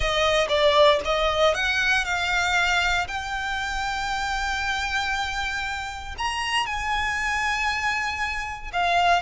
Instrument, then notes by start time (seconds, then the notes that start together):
violin
0.00 D#5
0.48 D5
1.04 D#5
1.54 F#5
2.04 F5
3.07 G5
6.17 A#5
6.66 G#5
8.72 F5